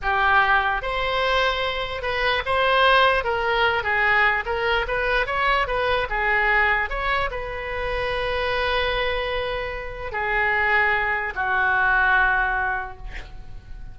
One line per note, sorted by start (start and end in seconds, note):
0.02 0.81 G4
0.81 2.02 C5
2.02 2.42 B4
2.45 3.24 C5
3.24 3.83 A#4
3.83 4.44 G#4
4.45 4.86 A#4
4.87 5.26 B4
5.26 5.67 C#5
5.67 6.07 B4
6.09 6.89 G#4
6.89 7.30 C#5
7.30 10.12 B4
10.12 11.33 G#4
11.35 12.97 F#4